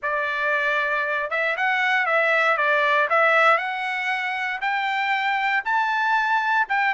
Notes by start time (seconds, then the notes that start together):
0.02 D5
1.30 E5
1.56 F#5
2.06 E5
2.57 D5
3.09 E5
3.57 F#5
4.61 G5
5.64 A5
6.69 G5